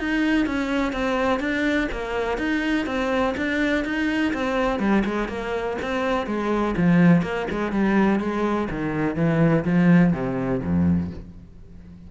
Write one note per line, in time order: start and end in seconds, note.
0.00 0.47 D#4
0.47 0.93 C#4
0.93 1.40 C4
1.40 1.89 D4
1.92 2.38 A#3
2.38 2.87 D#4
2.87 3.35 C4
3.38 3.85 D4
3.85 4.33 D#4
4.34 4.80 C4
4.80 5.04 G3
5.05 5.29 G#3
5.29 5.77 A#3
5.82 6.27 C4
6.27 6.76 G#3
6.77 7.23 F3
7.23 7.47 A#3
7.51 7.72 G#3
7.72 8.20 G3
8.20 8.69 G#3
8.71 9.16 D#3
9.16 9.65 E3
9.65 10.13 F3
10.13 10.62 C3
10.63 11.11 F2